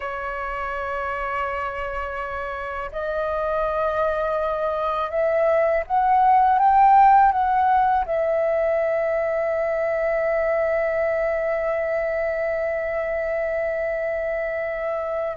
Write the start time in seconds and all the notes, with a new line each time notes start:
0.00 C#5
2.92 D#5
5.10 E5
5.86 F#5
6.59 G5
7.32 F#5
8.05 E5